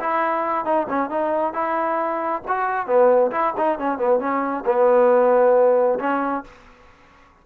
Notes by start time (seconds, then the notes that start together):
0.00 E4
0.65 D#4
0.89 C#4
1.10 D#4
1.53 E4
2.48 F#4
2.87 B3
3.31 E4
3.58 D#4
3.79 C#4
3.98 B3
4.20 C#4
4.66 B3
6.00 C#4